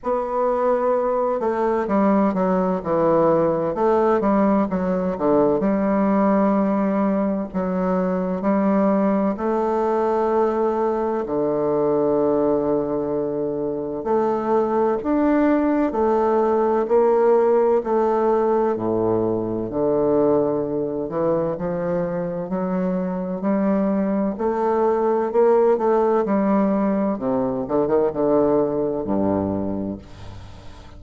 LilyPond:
\new Staff \with { instrumentName = "bassoon" } { \time 4/4 \tempo 4 = 64 b4. a8 g8 fis8 e4 | a8 g8 fis8 d8 g2 | fis4 g4 a2 | d2. a4 |
d'4 a4 ais4 a4 | a,4 d4. e8 f4 | fis4 g4 a4 ais8 a8 | g4 c8 d16 dis16 d4 g,4 | }